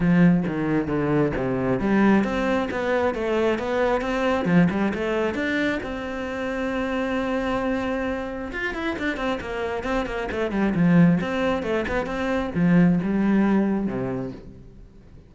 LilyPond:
\new Staff \with { instrumentName = "cello" } { \time 4/4 \tempo 4 = 134 f4 dis4 d4 c4 | g4 c'4 b4 a4 | b4 c'4 f8 g8 a4 | d'4 c'2.~ |
c'2. f'8 e'8 | d'8 c'8 ais4 c'8 ais8 a8 g8 | f4 c'4 a8 b8 c'4 | f4 g2 c4 | }